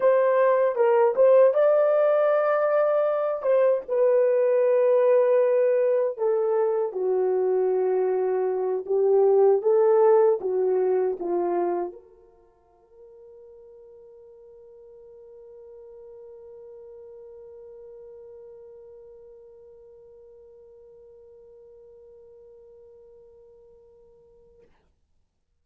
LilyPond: \new Staff \with { instrumentName = "horn" } { \time 4/4 \tempo 4 = 78 c''4 ais'8 c''8 d''2~ | d''8 c''8 b'2. | a'4 fis'2~ fis'8 g'8~ | g'8 a'4 fis'4 f'4 ais'8~ |
ais'1~ | ais'1~ | ais'1~ | ais'1 | }